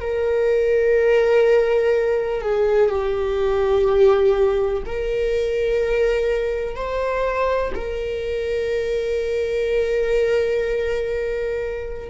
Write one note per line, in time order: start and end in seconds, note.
0.00 2.41 A#4
2.41 2.89 G#4
2.89 4.83 G4
4.86 6.75 A#4
6.75 7.72 C5
7.74 12.09 A#4